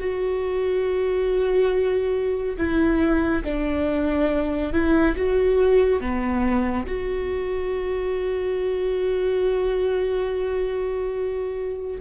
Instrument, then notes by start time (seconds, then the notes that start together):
viola
0.00 F#4
2.58 E4
3.44 D4
4.73 E4
5.16 F#4
6.00 B3
6.87 F#4